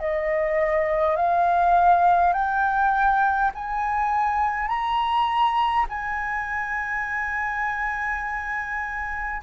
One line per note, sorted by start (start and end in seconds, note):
0.00 1.17 D#5
1.17 2.34 F5
2.34 3.51 G5
3.55 4.68 G#5
4.68 5.86 A#5
5.89 9.42 G#5